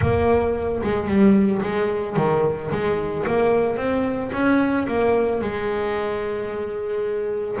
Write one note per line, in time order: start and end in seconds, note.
0.01 0.82 A#3
0.83 1.07 G#3
1.07 1.61 G3
1.62 2.16 G#3
2.16 2.70 D#3
2.71 3.25 G#3
3.27 3.76 A#3
3.76 4.30 C4
4.32 4.86 C#4
4.87 5.41 A#3
5.41 7.57 G#3